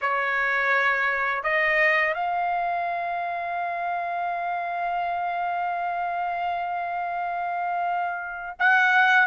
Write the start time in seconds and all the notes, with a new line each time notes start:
0.01 C#5
1.43 D#5
2.14 F5
8.59 F#5